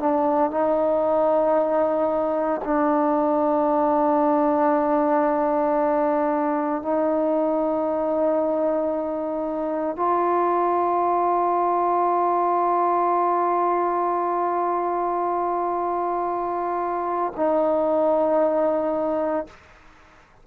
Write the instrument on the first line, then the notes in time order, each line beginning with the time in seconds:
trombone
0.00 D4
0.51 D#4
2.64 D4
6.82 D#4
9.96 F4
17.36 D#4